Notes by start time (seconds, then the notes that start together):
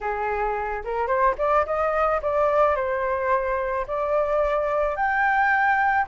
0.00 G#4
0.84 A#4
1.07 C5
1.38 D5
1.65 D#5
2.22 D5
2.75 C5
3.87 D5
4.96 G5